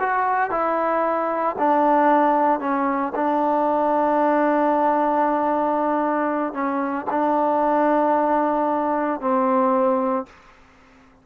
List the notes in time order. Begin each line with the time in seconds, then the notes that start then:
0.00 F#4
0.50 E4
1.59 D4
2.60 C#4
3.15 D4
6.53 C#4
7.10 D4
9.21 C4